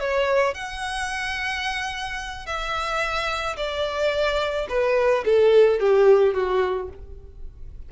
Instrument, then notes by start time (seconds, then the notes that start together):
violin
0.00 C#5
0.54 F#5
2.46 E5
3.57 D5
4.69 B4
5.25 A4
5.80 G4
6.34 F#4